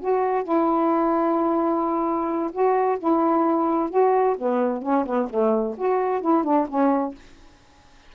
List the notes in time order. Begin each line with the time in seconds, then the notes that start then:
0.00 F#4
0.43 E4
2.52 F#4
2.99 E4
3.90 F#4
4.37 B3
4.82 C#4
5.06 B3
5.30 A3
5.77 F#4
6.21 E4
6.44 D4
6.68 C#4